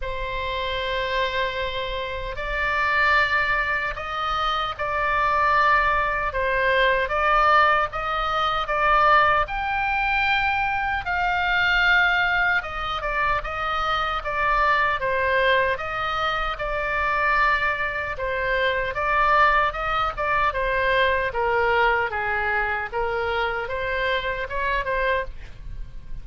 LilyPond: \new Staff \with { instrumentName = "oboe" } { \time 4/4 \tempo 4 = 76 c''2. d''4~ | d''4 dis''4 d''2 | c''4 d''4 dis''4 d''4 | g''2 f''2 |
dis''8 d''8 dis''4 d''4 c''4 | dis''4 d''2 c''4 | d''4 dis''8 d''8 c''4 ais'4 | gis'4 ais'4 c''4 cis''8 c''8 | }